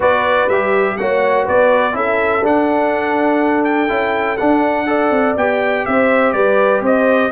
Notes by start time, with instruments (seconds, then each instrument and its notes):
0.00 tuba B3, trombone F#4, horn B4, trumpet D5
0.48 tuba G3, trombone G4, trumpet E5
0.97 tuba A#3, trombone F#4, horn C#5, trumpet F#5
1.45 tuba B3, horn B4, trumpet D5
1.92 tuba C#4, trombone E4, horn A4, trumpet E5
2.42 tuba D4, trombone D4, trumpet F#5
3.64 trumpet G5
3.88 tuba C#4, trombone E4
4.37 trombone D4, tuba D4, trumpet F#5
4.86 trombone A4, horn D5
5.10 tuba C4
5.36 tuba B3, trombone G4, trumpet G5
5.85 tuba C4, horn C5, trumpet E5
6.32 tuba G3, horn B4, trumpet D5
6.81 tuba C4, horn C5, trumpet D#5